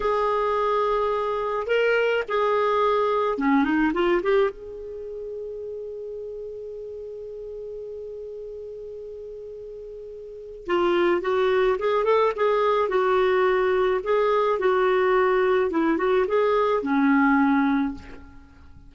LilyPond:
\new Staff \with { instrumentName = "clarinet" } { \time 4/4 \tempo 4 = 107 gis'2. ais'4 | gis'2 cis'8 dis'8 f'8 g'8 | gis'1~ | gis'1~ |
gis'2. f'4 | fis'4 gis'8 a'8 gis'4 fis'4~ | fis'4 gis'4 fis'2 | e'8 fis'8 gis'4 cis'2 | }